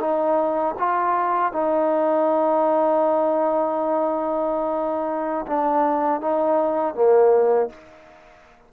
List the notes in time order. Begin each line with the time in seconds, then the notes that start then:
0.00 D#4
0.79 F4
1.52 D#4
5.47 D4
6.21 D#4
6.95 A#3